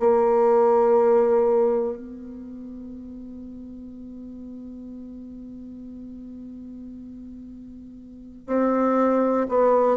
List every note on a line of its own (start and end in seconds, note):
0.00 1.97 A#3
1.97 8.47 B3
8.47 9.47 C4
9.49 9.97 B3